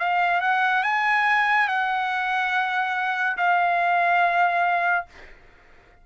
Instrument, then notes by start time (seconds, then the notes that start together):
trumpet
0.00 F5
0.41 F#5
0.84 G#5
1.68 F#5
3.38 F5